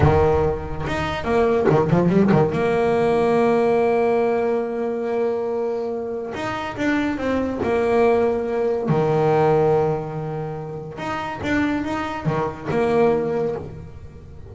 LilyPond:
\new Staff \with { instrumentName = "double bass" } { \time 4/4 \tempo 4 = 142 dis2 dis'4 ais4 | dis8 f8 g8 dis8 ais2~ | ais1~ | ais2. dis'4 |
d'4 c'4 ais2~ | ais4 dis2.~ | dis2 dis'4 d'4 | dis'4 dis4 ais2 | }